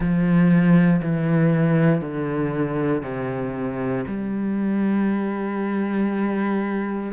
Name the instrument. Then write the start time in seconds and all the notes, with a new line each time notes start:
cello
0.00 F3
1.02 E3
2.01 D3
3.02 C3
4.07 G3